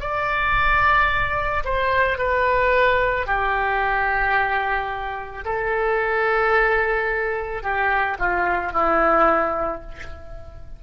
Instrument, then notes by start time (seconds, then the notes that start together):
oboe
0.00 D5
1.64 C5
2.18 B4
3.26 G4
5.45 A4
7.63 G4
8.19 F4
8.72 E4